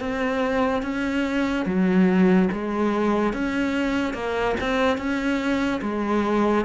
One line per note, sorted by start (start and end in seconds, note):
0.00 0.83 C4
0.83 1.66 C#4
1.66 2.49 F#3
2.52 3.33 G#3
3.33 4.14 C#4
4.14 4.56 A#3
4.61 4.98 C4
4.98 5.81 C#4
5.82 6.65 G#3